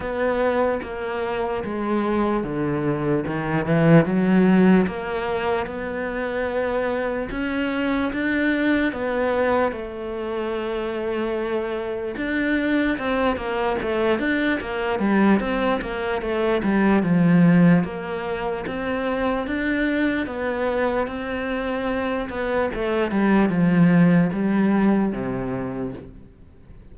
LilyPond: \new Staff \with { instrumentName = "cello" } { \time 4/4 \tempo 4 = 74 b4 ais4 gis4 d4 | dis8 e8 fis4 ais4 b4~ | b4 cis'4 d'4 b4 | a2. d'4 |
c'8 ais8 a8 d'8 ais8 g8 c'8 ais8 | a8 g8 f4 ais4 c'4 | d'4 b4 c'4. b8 | a8 g8 f4 g4 c4 | }